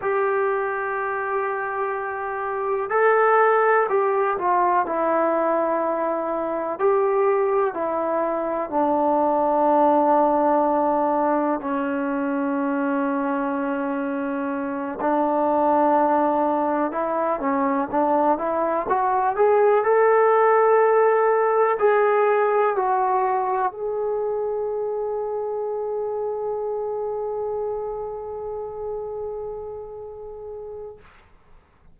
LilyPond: \new Staff \with { instrumentName = "trombone" } { \time 4/4 \tempo 4 = 62 g'2. a'4 | g'8 f'8 e'2 g'4 | e'4 d'2. | cis'2.~ cis'8 d'8~ |
d'4. e'8 cis'8 d'8 e'8 fis'8 | gis'8 a'2 gis'4 fis'8~ | fis'8 gis'2.~ gis'8~ | gis'1 | }